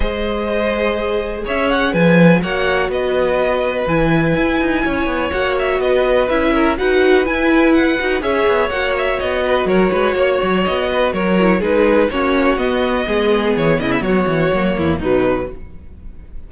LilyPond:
<<
  \new Staff \with { instrumentName = "violin" } { \time 4/4 \tempo 4 = 124 dis''2. e''8 fis''8 | gis''4 fis''4 dis''2 | gis''2. fis''8 e''8 | dis''4 e''4 fis''4 gis''4 |
fis''4 e''4 fis''8 e''8 dis''4 | cis''2 dis''4 cis''4 | b'4 cis''4 dis''2 | cis''8 dis''16 e''16 cis''2 b'4 | }
  \new Staff \with { instrumentName = "violin" } { \time 4/4 c''2. cis''4 | b'4 cis''4 b'2~ | b'2 cis''2 | b'4. ais'8 b'2~ |
b'4 cis''2~ cis''8 b'8 | ais'8 b'8 cis''4. b'8 ais'4 | gis'4 fis'2 gis'4~ | gis'8 e'8 fis'4. e'8 dis'4 | }
  \new Staff \with { instrumentName = "viola" } { \time 4/4 gis'1~ | gis'4 fis'2. | e'2. fis'4~ | fis'4 e'4 fis'4 e'4~ |
e'8 fis'8 gis'4 fis'2~ | fis'2.~ fis'8 e'8 | dis'4 cis'4 b2~ | b2 ais4 fis4 | }
  \new Staff \with { instrumentName = "cello" } { \time 4/4 gis2. cis'4 | f4 ais4 b2 | e4 e'8 dis'8 cis'8 b8 ais4 | b4 cis'4 dis'4 e'4~ |
e'8 dis'8 cis'8 b8 ais4 b4 | fis8 gis8 ais8 fis8 b4 fis4 | gis4 ais4 b4 gis4 | e8 cis8 fis8 e8 fis8 e,8 b,4 | }
>>